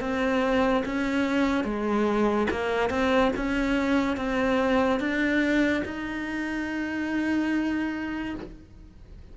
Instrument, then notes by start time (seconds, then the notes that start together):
cello
0.00 C4
0.85 C#4
1.64 G#3
2.50 A#3
2.90 C4
3.36 C#4
4.16 C4
4.99 D4
5.84 D#4